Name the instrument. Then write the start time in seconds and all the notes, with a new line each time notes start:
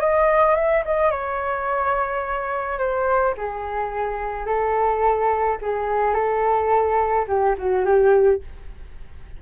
flute
0.00 D#5
0.56 E5
0.85 D#5
1.11 C#5
2.78 C5
3.37 G#4
4.46 A4
5.62 G#4
6.14 A4
7.27 G4
7.58 F#4
7.85 G4